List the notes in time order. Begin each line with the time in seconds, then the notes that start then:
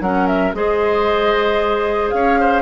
0.00 F#3 C#4 A#4 F#5
0.27 E5
0.53 G#3 G#4 C5 D#5
2.10 C#4 C#5 F5
2.39 C5